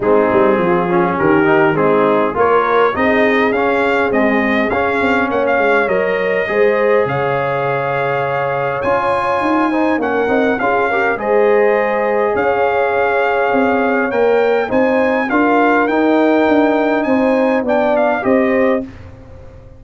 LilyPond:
<<
  \new Staff \with { instrumentName = "trumpet" } { \time 4/4 \tempo 4 = 102 gis'2 ais'4 gis'4 | cis''4 dis''4 f''4 dis''4 | f''4 fis''16 f''8. dis''2 | f''2. gis''4~ |
gis''4 fis''4 f''4 dis''4~ | dis''4 f''2. | g''4 gis''4 f''4 g''4~ | g''4 gis''4 g''8 f''8 dis''4 | }
  \new Staff \with { instrumentName = "horn" } { \time 4/4 dis'4 f'4 g'4 dis'4 | ais'4 gis'2.~ | gis'4 cis''2 c''4 | cis''1~ |
cis''8 c''8 ais'4 gis'8 ais'8 c''4~ | c''4 cis''2.~ | cis''4 c''4 ais'2~ | ais'4 c''4 d''4 c''4 | }
  \new Staff \with { instrumentName = "trombone" } { \time 4/4 c'4. cis'4 dis'8 c'4 | f'4 dis'4 cis'4 gis4 | cis'2 ais'4 gis'4~ | gis'2. f'4~ |
f'8 dis'8 cis'8 dis'8 f'8 g'8 gis'4~ | gis'1 | ais'4 dis'4 f'4 dis'4~ | dis'2 d'4 g'4 | }
  \new Staff \with { instrumentName = "tuba" } { \time 4/4 gis8 g8 f4 dis4 gis4 | ais4 c'4 cis'4 c'4 | cis'8 c'8 ais8 gis8 fis4 gis4 | cis2. cis'4 |
dis'4 ais8 c'8 cis'4 gis4~ | gis4 cis'2 c'4 | ais4 c'4 d'4 dis'4 | d'4 c'4 b4 c'4 | }
>>